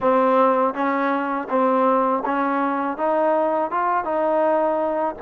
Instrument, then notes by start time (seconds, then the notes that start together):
trombone
0.00 C4
0.74 C#4
1.48 C4
2.25 C#4
2.97 D#4
3.70 F4
4.04 D#4